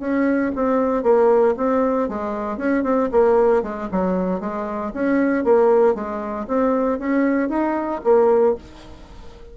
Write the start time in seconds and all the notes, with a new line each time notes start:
0.00 C#4
0.55 C4
1.03 A#3
1.57 C4
2.09 G#3
2.58 C#4
2.84 C4
3.12 A#3
3.63 G#3
3.91 F#3
4.40 G#3
4.94 C#4
5.44 A#3
5.95 G#3
6.48 C4
6.99 C#4
7.50 D#4
8.04 A#3